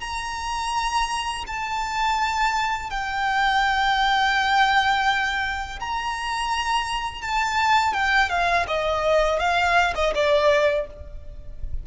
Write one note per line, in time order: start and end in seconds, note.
0.00 1.45 A#5
1.47 2.90 A5
2.90 5.79 G5
5.80 7.21 A#5
7.21 7.93 A5
7.93 8.29 G5
8.29 8.65 F5
8.67 9.39 D#5
9.39 9.93 F5
9.95 10.13 D#5
10.14 10.86 D5